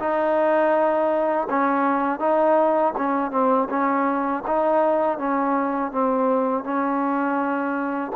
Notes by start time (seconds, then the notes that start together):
0.00 D#4
1.50 C#4
2.20 D#4
2.98 C#4
3.32 C4
3.70 C#4
4.47 D#4
5.19 C#4
5.93 C4
6.64 C#4